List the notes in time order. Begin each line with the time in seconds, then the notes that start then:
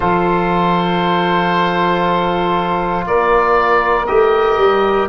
0.00 F3 F4 A4 C5
3.06 A#3 A#4 D5
4.06 A3 G4 D#5
4.57 G3